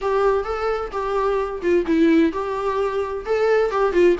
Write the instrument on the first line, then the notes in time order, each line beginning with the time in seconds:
viola
0.01 G4
0.44 A4
0.91 G4
1.62 F4
1.86 E4
2.32 G4
3.25 A4
3.70 G4
3.92 F4